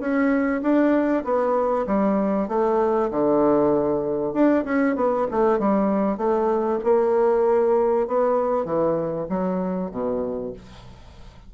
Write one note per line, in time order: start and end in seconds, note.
0.00 0.62 C#4
0.62 1.24 D4
1.25 1.86 B3
1.87 2.49 G3
2.49 3.11 A3
3.11 4.34 D3
4.34 4.65 D4
4.65 4.96 C#4
4.96 5.27 B3
5.32 5.60 A3
5.60 6.18 G3
6.18 6.80 A3
6.84 8.08 A#3
8.08 8.66 B3
8.66 9.28 E3
9.30 9.91 F#3
9.92 10.54 B2